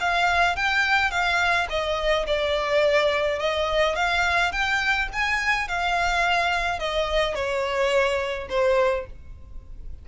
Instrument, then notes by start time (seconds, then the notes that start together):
violin
0.00 F5
0.56 G5
1.11 F5
1.70 D#5
2.27 D5
3.39 D#5
3.95 F5
4.52 G5
5.13 G#5
5.68 F5
6.79 D#5
7.35 C#5
8.49 C5